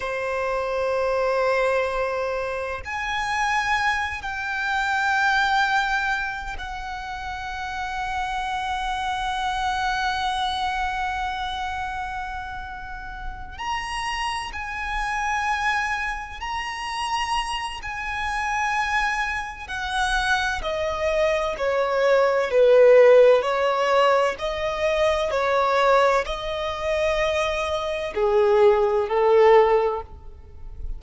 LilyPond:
\new Staff \with { instrumentName = "violin" } { \time 4/4 \tempo 4 = 64 c''2. gis''4~ | gis''8 g''2~ g''8 fis''4~ | fis''1~ | fis''2~ fis''8 ais''4 gis''8~ |
gis''4. ais''4. gis''4~ | gis''4 fis''4 dis''4 cis''4 | b'4 cis''4 dis''4 cis''4 | dis''2 gis'4 a'4 | }